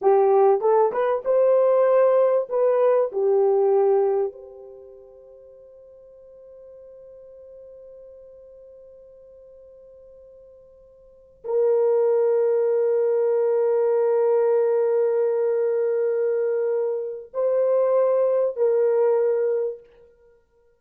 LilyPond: \new Staff \with { instrumentName = "horn" } { \time 4/4 \tempo 4 = 97 g'4 a'8 b'8 c''2 | b'4 g'2 c''4~ | c''1~ | c''1~ |
c''2~ c''8 ais'4.~ | ais'1~ | ais'1 | c''2 ais'2 | }